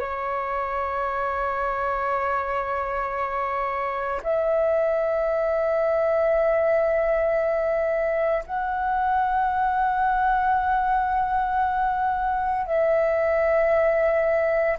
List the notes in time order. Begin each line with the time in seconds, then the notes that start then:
0.00 C#5
4.23 E5
8.46 F#5
12.67 E5